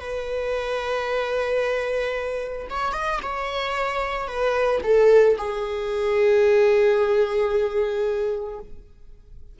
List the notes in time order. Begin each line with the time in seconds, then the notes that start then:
0.00 B4
2.70 C#5
2.93 D#5
3.23 C#5
4.28 B4
4.84 A4
5.38 G#4